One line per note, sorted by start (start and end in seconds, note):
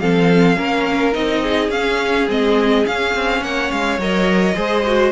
0.00 0.58 F3
0.00 0.57 C4
0.00 0.58 A4
0.00 1.14 F5
0.57 1.15 A#3
0.57 1.13 C#4
0.57 1.43 A#4
1.13 1.70 C4
1.13 1.70 D#4
1.13 1.71 D#5
1.43 3.42 G#4
1.70 2.27 C#4
1.70 2.29 C#4
1.70 2.28 F5
2.29 2.86 G#3
2.29 2.85 C4
2.29 2.87 D#5
2.85 3.99 C#4
2.85 3.15 C#4
2.85 3.44 F5
3.15 3.42 C4
3.42 3.70 A#3
3.42 4.56 C#5
3.42 3.72 F#5
3.72 3.99 G#3
3.72 4.00 F5
3.99 4.56 F#3
3.99 4.55 A#4
3.99 5.12 D#5
4.55 5.12 G#3
4.55 4.83 G#4
4.55 5.12 C5
4.87 5.12 F#4